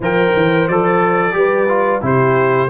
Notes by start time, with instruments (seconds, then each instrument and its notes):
0.00 tuba F3, trombone A#4, horn C5, trumpet G5
0.36 tuba E3
0.67 tuba F3, trombone A4, trumpet D5
1.32 tuba G3, trombone G4, horn B4
1.68 trombone F4
2.01 tuba C3, trombone E4, horn G4, trumpet C5